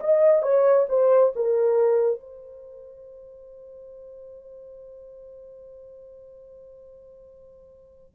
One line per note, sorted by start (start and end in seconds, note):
0.00 0.43 D#5
0.43 0.87 C#5
0.89 1.33 C5
1.36 2.20 A#4
2.20 8.15 C5